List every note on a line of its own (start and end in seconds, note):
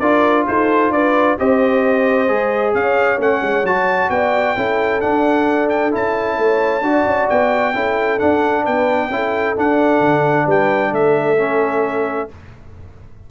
0.00 0.46 D4
0.00 1.39 F4
0.00 0.46 A#4
0.00 0.45 D5
0.47 0.91 D#4
0.47 0.93 A4
0.47 0.92 C5
0.91 1.36 D4
0.91 1.38 B4
0.91 1.38 D5
1.38 2.29 C4
1.38 2.28 G4
1.38 2.74 C5
1.38 2.75 D#5
2.28 2.75 G#3
2.28 3.18 G#4
2.74 3.18 C#4
2.74 4.10 C#5
2.74 3.20 F5
3.18 3.41 A3
3.18 3.64 C#4
3.18 3.66 F#5
3.42 3.64 G#3
3.64 4.09 F#3
3.64 4.57 F#4
3.64 4.10 A5
4.10 4.55 B3
4.10 4.56 D5
4.10 5.01 G5
4.56 5.03 C#4
4.56 5.01 E4
4.56 6.38 A4
5.01 5.91 D4
5.01 5.95 D4
5.01 5.69 F#5
5.70 5.92 G5
5.91 6.38 C#4
5.91 6.82 E4
5.91 7.29 A5
6.38 6.82 A3
6.38 6.84 C#5
6.82 7.04 D4
6.82 7.74 F#4
6.82 7.74 D5
7.06 7.29 C#4
7.29 7.74 B3
7.29 8.20 G5
7.74 8.20 C#4
7.74 8.19 E4
7.74 8.64 A4
8.19 9.10 D4
8.19 8.67 D4
8.19 8.65 F#5
8.64 9.10 B3
8.64 9.09 B4
8.64 9.57 G5
9.10 9.55 C#4
9.10 9.56 E4
9.10 10.46 A4
9.56 11.38 D4
9.56 10.00 D4
9.56 10.50 F#5
10.00 10.46 D3
10.46 10.92 G3
10.46 10.91 B4
10.46 10.95 G5
10.92 12.28 A3
10.92 12.29 A4
10.92 12.31 E5
11.38 12.29 C#4